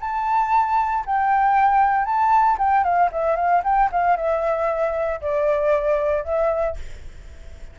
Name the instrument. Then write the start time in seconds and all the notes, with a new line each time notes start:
flute
0.00 A5
1.06 G5
2.04 A5
2.58 G5
2.83 F5
3.12 E5
3.36 F5
3.64 G5
3.91 F5
4.16 E5
5.21 D5
6.24 E5